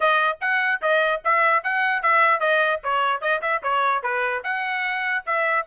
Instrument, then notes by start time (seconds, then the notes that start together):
trumpet
0.00 D#5
0.40 F#5
0.81 D#5
1.24 E5
1.63 F#5
2.02 E5
2.40 D#5
2.83 C#5
3.21 D#5
3.41 E5
3.62 C#5
4.02 B4
4.43 F#5
5.26 E5